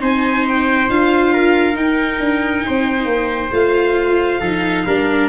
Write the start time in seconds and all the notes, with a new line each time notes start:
0.00 C4 D#4 C5 G#5
0.48 G5
0.89 D4 F4 F5
1.33 A#4
1.73 D#4 G5
2.19 D4
2.66 C4 C5
3.05 A#3
3.52 A3 F4 F5
4.40 F3 D#4 A4
4.86 G3 D4 A#4